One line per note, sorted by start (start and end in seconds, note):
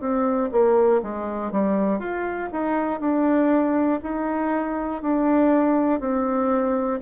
0.00 0.50 C4
0.52 1.02 A#3
1.02 1.52 G#3
1.52 1.99 G3
1.99 2.49 F4
2.52 3.00 D#4
3.00 4.00 D4
4.03 5.02 D#4
5.02 6.00 D4
6.00 7.00 C4